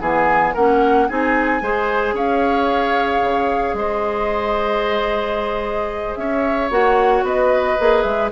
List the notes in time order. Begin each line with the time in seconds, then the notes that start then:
0.00 E3 B3 G#4 G#5
0.54 A#3 C#4 A#4 F#5
1.08 C4 D#4 G#4 G#5
1.61 G#3 G#4 C5
2.13 C#4 C#5 F5
3.22 C#3
3.74 G#3 C5 D#5
6.15 C#4 C#5 E5
6.70 A#3 F#4 F#5
7.22 B3 B4 D#5
7.79 A#3 G#4
8.02 G#3 E5